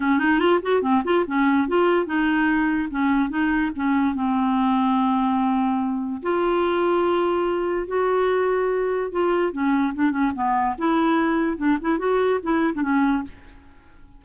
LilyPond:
\new Staff \with { instrumentName = "clarinet" } { \time 4/4 \tempo 4 = 145 cis'8 dis'8 f'8 fis'8 c'8 f'8 cis'4 | f'4 dis'2 cis'4 | dis'4 cis'4 c'2~ | c'2. f'4~ |
f'2. fis'4~ | fis'2 f'4 cis'4 | d'8 cis'8 b4 e'2 | d'8 e'8 fis'4 e'8. d'16 cis'4 | }